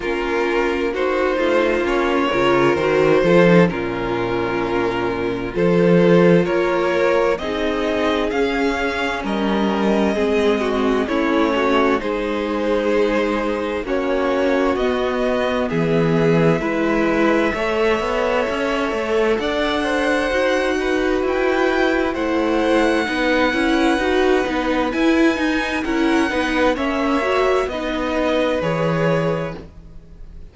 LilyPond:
<<
  \new Staff \with { instrumentName = "violin" } { \time 4/4 \tempo 4 = 65 ais'4 c''4 cis''4 c''4 | ais'2 c''4 cis''4 | dis''4 f''4 dis''2 | cis''4 c''2 cis''4 |
dis''4 e''2.~ | e''4 fis''2 g''4 | fis''2. gis''4 | fis''4 e''4 dis''4 cis''4 | }
  \new Staff \with { instrumentName = "violin" } { \time 4/4 f'4 fis'8 f'4 ais'4 a'8 | f'2 a'4 ais'4 | gis'2 ais'4 gis'8 fis'8 | e'8 fis'8 gis'2 fis'4~ |
fis'4 gis'4 b'4 cis''4~ | cis''4 d''8 c''4 b'4. | c''4 b'2. | ais'8 b'8 cis''4 b'2 | }
  \new Staff \with { instrumentName = "viola" } { \time 4/4 cis'4 dis'4 cis'8 f'8 fis'8 f'16 dis'16 | cis'2 f'2 | dis'4 cis'2 c'4 | cis'4 dis'2 cis'4 |
b2 e'4 a'4~ | a'2 fis'2 | e'4 dis'8 e'8 fis'8 dis'8 e'8 dis'8 | e'8 dis'8 cis'8 fis'8 dis'4 gis'4 | }
  \new Staff \with { instrumentName = "cello" } { \time 4/4 ais4. a8 ais8 cis8 dis8 f8 | ais,2 f4 ais4 | c'4 cis'4 g4 gis4 | a4 gis2 ais4 |
b4 e4 gis4 a8 b8 | cis'8 a8 d'4 dis'4 e'4 | a4 b8 cis'8 dis'8 b8 e'8 dis'8 | cis'8 b8 ais4 b4 e4 | }
>>